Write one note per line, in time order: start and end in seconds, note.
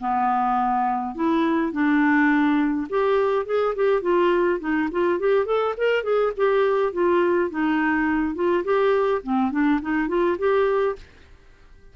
0.00 1.15 B3
1.15 1.72 E4
1.72 2.88 D4
2.90 3.46 G4
3.46 3.74 G#4
3.76 4.02 G4
4.02 4.60 F4
4.60 4.89 D#4
4.92 5.19 F4
5.19 5.46 G4
5.46 5.75 A4
5.77 6.04 A#4
6.04 6.33 G#4
6.37 6.93 G4
6.93 7.51 F4
7.51 8.35 D#4
8.35 8.64 F4
8.64 9.22 G4
9.23 9.51 C4
9.51 9.80 D4
9.82 10.08 D#4
10.08 10.37 F4
10.38 10.96 G4